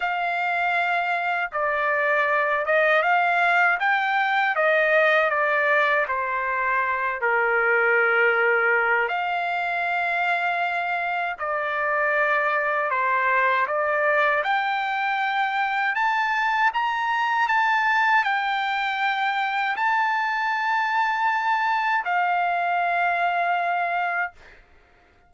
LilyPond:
\new Staff \with { instrumentName = "trumpet" } { \time 4/4 \tempo 4 = 79 f''2 d''4. dis''8 | f''4 g''4 dis''4 d''4 | c''4. ais'2~ ais'8 | f''2. d''4~ |
d''4 c''4 d''4 g''4~ | g''4 a''4 ais''4 a''4 | g''2 a''2~ | a''4 f''2. | }